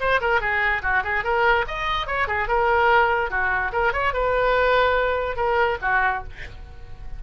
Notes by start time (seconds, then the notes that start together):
0.00 C5
0.21 A#4
0.41 G#4
0.83 F#4
1.04 G#4
1.24 A#4
1.68 D#5
2.07 C#5
2.28 G#4
2.48 A#4
3.30 F#4
3.73 A#4
3.93 C#5
4.13 B4
5.37 A#4
5.82 F#4